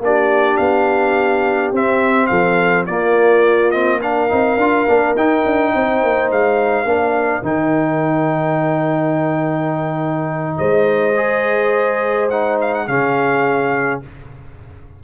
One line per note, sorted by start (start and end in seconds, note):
0.00 0.57 A#3
0.00 1.74 D4
0.00 2.29 G4
0.00 0.57 D5
0.57 1.72 B3
0.57 1.71 F5
1.72 2.29 C4
1.72 2.88 C4
1.72 2.27 E5
2.27 2.88 F3
2.27 2.87 A4
2.27 2.84 F5
2.86 4.31 A#3
2.86 3.72 A#3
2.86 4.00 F4
2.86 3.71 D5
3.71 4.01 C4
3.71 4.00 D#5
4.00 4.29 D4
4.00 5.72 A#4
4.00 5.16 F5
4.29 4.57 C4
4.29 4.57 D#4
4.57 4.86 D4
4.57 4.88 F4
4.88 5.16 A#3
4.88 5.16 D4
5.16 5.44 D#4
5.16 6.86 D#4
5.16 6.31 G5
5.45 5.74 D4
5.75 6.03 C4
5.75 6.89 C5
6.03 6.31 A#3
6.31 6.85 G#3
6.31 7.45 F5
6.85 7.42 A#3
6.85 7.43 D4
6.85 10.58 A#4
7.42 10.57 D#3
7.42 11.15 D#4
7.42 10.58 G5
10.58 12.88 G#3
10.58 12.87 C5
10.58 12.29 D#5
11.16 12.30 G#4
12.30 12.88 D#4
12.30 12.59 F#5
12.61 12.75 F5
12.75 12.87 F#5
12.87 14.02 C#3
12.87 14.03 C#4
12.87 14.03 G#4
12.87 14.02 F5